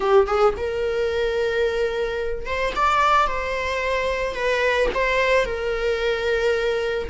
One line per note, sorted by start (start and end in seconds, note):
0.00 0.27 G4
0.27 0.54 G#4
0.57 2.45 A#4
2.45 2.73 C5
2.75 3.27 D5
3.27 4.34 C5
4.34 4.89 B4
4.94 5.45 C5
5.45 7.08 A#4